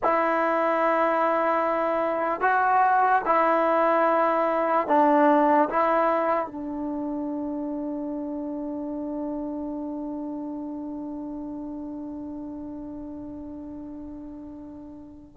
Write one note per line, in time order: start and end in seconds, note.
0.03 2.40 E4
2.40 3.21 F#4
3.25 4.87 E4
4.87 5.68 D4
5.69 6.46 E4
6.46 15.37 D4